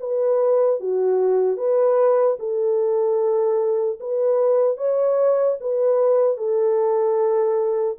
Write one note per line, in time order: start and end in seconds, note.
0.00 0.80 B4
0.80 1.57 F#4
1.57 2.37 B4
2.39 3.99 A4
4.00 4.77 B4
4.77 5.57 C#5
5.60 6.37 B4
6.37 7.97 A4